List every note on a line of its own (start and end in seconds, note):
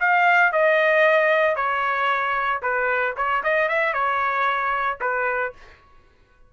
0.00 0.52 F5
0.52 1.56 D#5
1.56 2.61 C#5
2.62 3.15 B4
3.17 3.43 C#5
3.44 3.69 D#5
3.69 3.94 E5
3.94 4.99 C#5
5.01 5.53 B4